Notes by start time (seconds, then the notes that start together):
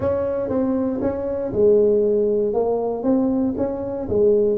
0.00 C#4
0.49 C4
1.01 C#4
1.52 G#3
2.53 A#3
3.03 C4
3.57 C#4
4.08 G#3